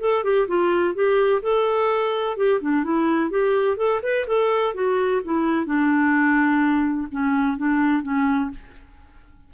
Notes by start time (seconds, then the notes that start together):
0.00 A4
0.24 G4
0.48 F4
0.94 G4
1.42 A4
2.37 G4
2.61 D4
2.84 E4
3.30 G4
3.77 A4
4.02 B4
4.27 A4
4.74 F#4
5.24 E4
5.65 D4
7.11 C#4
7.57 D4
8.03 C#4